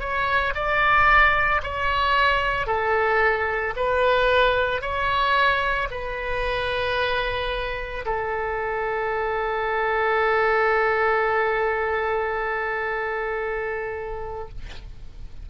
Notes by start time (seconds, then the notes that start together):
0.00 C#5
0.55 D5
1.63 C#5
2.66 A4
3.76 B4
4.81 C#5
5.91 B4
8.06 A4